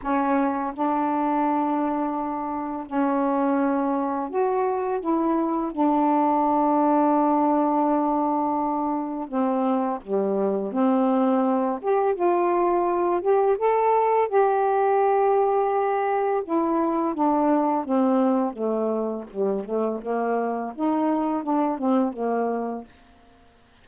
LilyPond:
\new Staff \with { instrumentName = "saxophone" } { \time 4/4 \tempo 4 = 84 cis'4 d'2. | cis'2 fis'4 e'4 | d'1~ | d'4 c'4 g4 c'4~ |
c'8 g'8 f'4. g'8 a'4 | g'2. e'4 | d'4 c'4 a4 g8 a8 | ais4 dis'4 d'8 c'8 ais4 | }